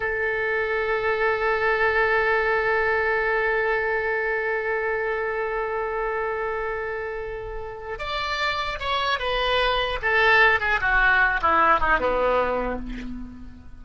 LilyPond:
\new Staff \with { instrumentName = "oboe" } { \time 4/4 \tempo 4 = 150 a'1~ | a'1~ | a'1~ | a'1~ |
a'1 | d''2 cis''4 b'4~ | b'4 a'4. gis'8 fis'4~ | fis'8 e'4 dis'8 b2 | }